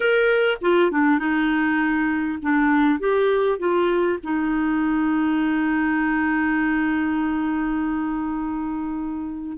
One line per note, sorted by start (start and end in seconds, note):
0.00 0.58 A#4
0.61 0.91 F4
0.91 1.18 D4
1.18 2.38 D#4
2.42 2.99 D4
2.99 3.58 G4
3.58 4.18 F4
4.23 9.57 D#4